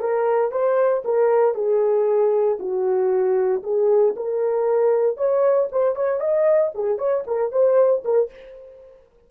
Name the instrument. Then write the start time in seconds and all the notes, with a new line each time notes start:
horn
0.00 A#4
0.51 C5
1.04 A#4
1.55 G#4
2.59 F#4
3.63 G#4
4.16 A#4
5.17 C#5
5.72 C5
5.95 C#5
6.20 D#5
6.75 G#4
6.98 C#5
7.27 A#4
7.52 C5
8.04 A#4